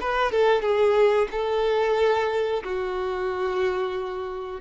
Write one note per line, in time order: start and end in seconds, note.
0.00 0.31 B4
0.31 0.62 A4
0.62 1.28 G#4
1.31 2.63 A4
2.63 4.60 F#4